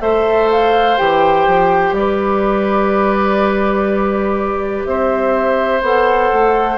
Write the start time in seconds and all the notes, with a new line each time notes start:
0.00 A3 A4 C5 E5
0.51 F5
0.97 E3 G4 G5
1.47 F3
1.92 G3 D5
1.99 B4
4.85 C4 C5 E5
5.81 B3 A4 F#5
6.32 A3